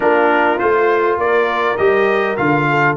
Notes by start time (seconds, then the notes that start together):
0.00 A#3 D4 F4 A#4
0.58 A3 F4 C5
1.17 A#3 A#4 D5
1.77 G3 G4 D#5
2.36 D3 F4 F5
2.69 A4